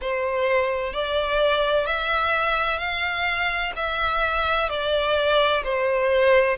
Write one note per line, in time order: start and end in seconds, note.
0.01 0.93 C5
0.93 1.86 D5
1.86 2.78 E5
2.78 3.72 F5
3.76 4.69 E5
4.69 5.62 D5
5.63 6.57 C5